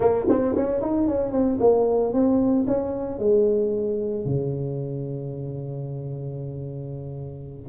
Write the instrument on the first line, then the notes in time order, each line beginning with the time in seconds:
tuba
0.00 A#3
0.28 C4
0.56 C#4
0.81 D#4
1.07 C#4
1.32 C4
1.60 A#3
2.13 C4
2.67 C#4
3.19 G#3
4.25 C#3